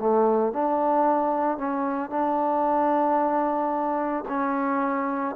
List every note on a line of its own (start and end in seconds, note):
0.00 0.53 A3
0.53 1.58 D4
1.58 2.10 C#4
2.10 4.25 D4
4.29 5.36 C#4